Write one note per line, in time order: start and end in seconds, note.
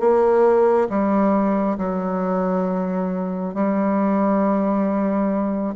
0.00 0.88 A#3
0.90 1.78 G3
1.78 3.55 F#3
3.55 5.75 G3